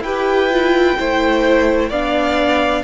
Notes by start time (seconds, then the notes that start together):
0.00 E4 G4 B4 G5
0.51 F4
0.98 A3 E4 C5
1.89 B3 D4 D5 F5